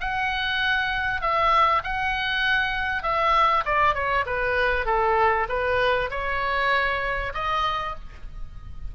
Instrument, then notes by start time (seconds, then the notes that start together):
oboe
0.00 F#5
1.21 E5
1.83 F#5
3.03 E5
3.65 D5
3.94 C#5
4.26 B4
4.86 A4
5.49 B4
6.10 C#5
7.34 D#5